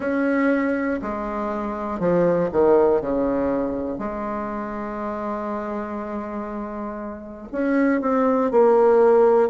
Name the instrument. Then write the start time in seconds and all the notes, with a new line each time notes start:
bassoon
0.00 C#4
1.02 G#3
2.00 F3
2.51 D#3
3.00 C#3
3.98 G#3
7.51 C#4
8.00 C4
8.50 A#3